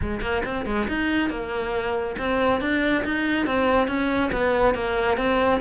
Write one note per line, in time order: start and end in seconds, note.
0.01 0.21 G#3
0.21 0.42 A#3
0.45 0.65 C4
0.65 0.87 G#3
0.88 1.29 D#4
1.29 2.16 A#3
2.18 2.60 C4
2.60 3.03 D4
3.04 3.46 D#4
3.46 3.87 C4
3.87 4.30 C#4
4.32 4.74 B3
4.74 5.17 A#3
5.17 5.60 C4